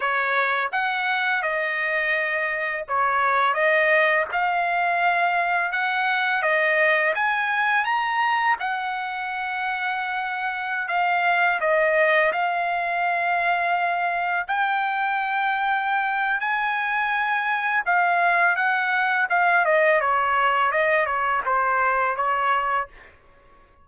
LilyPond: \new Staff \with { instrumentName = "trumpet" } { \time 4/4 \tempo 4 = 84 cis''4 fis''4 dis''2 | cis''4 dis''4 f''2 | fis''4 dis''4 gis''4 ais''4 | fis''2.~ fis''16 f''8.~ |
f''16 dis''4 f''2~ f''8.~ | f''16 g''2~ g''8. gis''4~ | gis''4 f''4 fis''4 f''8 dis''8 | cis''4 dis''8 cis''8 c''4 cis''4 | }